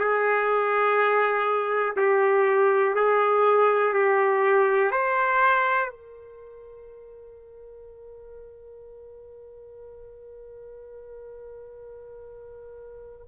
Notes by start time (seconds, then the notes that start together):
0.00 G#4
1.97 G4
2.95 G#4
3.94 G4
4.92 C5
5.90 A#4